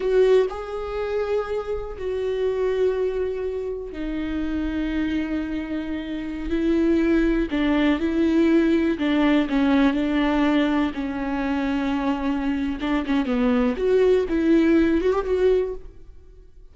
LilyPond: \new Staff \with { instrumentName = "viola" } { \time 4/4 \tempo 4 = 122 fis'4 gis'2. | fis'1 | dis'1~ | dis'4~ dis'16 e'2 d'8.~ |
d'16 e'2 d'4 cis'8.~ | cis'16 d'2 cis'4.~ cis'16~ | cis'2 d'8 cis'8 b4 | fis'4 e'4. fis'16 g'16 fis'4 | }